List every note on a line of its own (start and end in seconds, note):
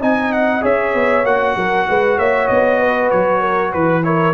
0.00 0.63 C4
0.00 0.61 D#4
0.00 0.61 D#5
0.00 0.32 G#5
0.32 0.63 F#5
0.61 0.94 C#4
0.61 1.23 G#4
0.61 1.54 C#5
0.61 1.25 E5
0.94 1.24 B3
1.24 1.55 A#3
1.24 4.02 F#4
1.24 2.18 F#5
1.55 1.86 F#3
1.55 1.87 A#4
1.88 2.18 G#3
1.88 2.18 B4
2.18 2.48 A#3
2.18 2.79 C#5
2.18 2.47 E5
2.47 3.11 B3
2.47 3.09 D#5
2.79 3.41 B4
3.10 3.73 F#3
3.10 3.72 C#5
3.41 3.70 A#4
3.70 4.34 E3
3.70 4.01 B4
3.70 4.03 B4
4.02 4.33 E4
4.02 4.34 A#4
4.02 4.34 C#5